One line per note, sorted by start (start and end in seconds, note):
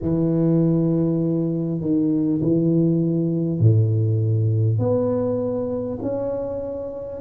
0.01 1.80 E3
1.80 2.40 D#3
2.42 3.59 E3
3.59 4.78 A2
4.78 5.98 B3
6.02 7.21 C#4